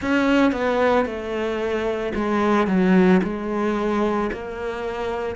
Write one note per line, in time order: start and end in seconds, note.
0.01 0.52 C#4
0.52 1.05 B3
1.05 2.12 A3
2.14 2.67 G#3
2.67 3.20 F#3
3.23 4.30 G#3
4.32 5.35 A#3